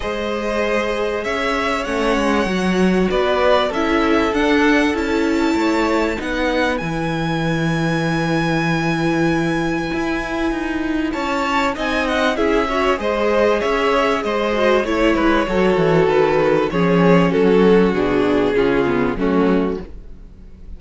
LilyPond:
<<
  \new Staff \with { instrumentName = "violin" } { \time 4/4 \tempo 4 = 97 dis''2 e''4 fis''4~ | fis''4 d''4 e''4 fis''4 | a''2 fis''4 gis''4~ | gis''1~ |
gis''2 a''4 gis''8 fis''8 | e''4 dis''4 e''4 dis''4 | cis''2 b'4 cis''4 | a'4 gis'2 fis'4 | }
  \new Staff \with { instrumentName = "violin" } { \time 4/4 c''2 cis''2~ | cis''4 b'4 a'2~ | a'4 cis''4 b'2~ | b'1~ |
b'2 cis''4 dis''4 | gis'8 cis''8 c''4 cis''4 c''4 | cis''8 b'8 a'2 gis'4 | fis'2 f'4 cis'4 | }
  \new Staff \with { instrumentName = "viola" } { \time 4/4 gis'2. cis'4 | fis'2 e'4 d'4 | e'2 dis'4 e'4~ | e'1~ |
e'2. dis'4 | e'8 fis'8 gis'2~ gis'8 fis'8 | e'4 fis'2 cis'4~ | cis'4 d'4 cis'8 b8 a4 | }
  \new Staff \with { instrumentName = "cello" } { \time 4/4 gis2 cis'4 a8 gis8 | fis4 b4 cis'4 d'4 | cis'4 a4 b4 e4~ | e1 |
e'4 dis'4 cis'4 c'4 | cis'4 gis4 cis'4 gis4 | a8 gis8 fis8 e8 dis4 f4 | fis4 b,4 cis4 fis4 | }
>>